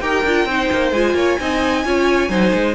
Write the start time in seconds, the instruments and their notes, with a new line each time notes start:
0.00 cello D#4, viola G4, violin A#4 G5
0.23 cello D4, viola F4
0.45 cello C4, viola D#4, violin C5
0.72 cello A#3
0.91 cello G#3, viola F4, violin G#5
1.13 cello A#3, violin C#5
1.39 cello C4, viola D#4, violin D#5
1.84 cello C#4, viola F4, violin C#5
2.29 cello F#3, viola D#4, violin C5
2.53 cello G#3